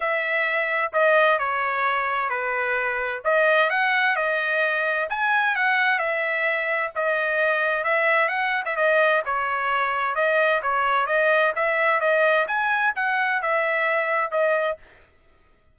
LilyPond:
\new Staff \with { instrumentName = "trumpet" } { \time 4/4 \tempo 4 = 130 e''2 dis''4 cis''4~ | cis''4 b'2 dis''4 | fis''4 dis''2 gis''4 | fis''4 e''2 dis''4~ |
dis''4 e''4 fis''8. e''16 dis''4 | cis''2 dis''4 cis''4 | dis''4 e''4 dis''4 gis''4 | fis''4 e''2 dis''4 | }